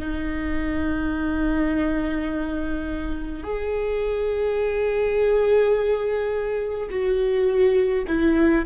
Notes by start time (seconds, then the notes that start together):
0.00 D#4
3.44 G#4
6.90 F#4
8.08 E4